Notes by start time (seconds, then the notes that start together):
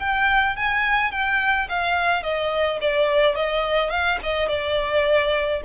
0.00 G5
0.57 G#5
1.12 G5
1.69 F5
2.23 D#5
2.81 D5
3.36 D#5
3.91 F5
4.23 D#5
4.49 D5